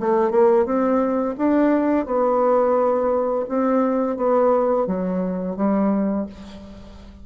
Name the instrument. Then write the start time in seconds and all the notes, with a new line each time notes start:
bassoon
0.00 A3
0.30 A#3
0.65 C4
1.38 D4
2.06 B3
3.49 C4
4.17 B3
4.86 F#3
5.56 G3